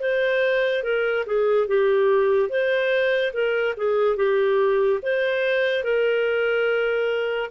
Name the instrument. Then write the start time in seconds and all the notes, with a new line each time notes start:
clarinet
0.00 C5
0.83 A#4
1.26 G#4
1.68 G4
2.49 C5
3.33 A#4
3.77 G#4
4.17 G4
5.02 C5
5.84 A#4